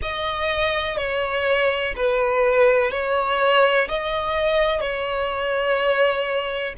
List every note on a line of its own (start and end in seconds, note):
0.02 0.97 D#5
0.97 1.94 C#5
1.96 2.91 B4
2.91 3.88 C#5
3.88 4.80 D#5
4.80 6.74 C#5